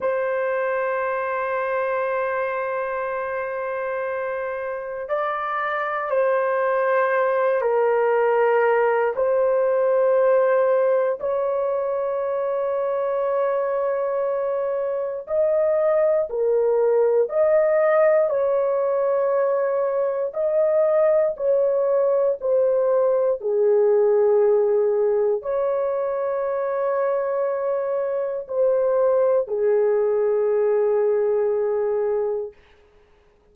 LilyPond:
\new Staff \with { instrumentName = "horn" } { \time 4/4 \tempo 4 = 59 c''1~ | c''4 d''4 c''4. ais'8~ | ais'4 c''2 cis''4~ | cis''2. dis''4 |
ais'4 dis''4 cis''2 | dis''4 cis''4 c''4 gis'4~ | gis'4 cis''2. | c''4 gis'2. | }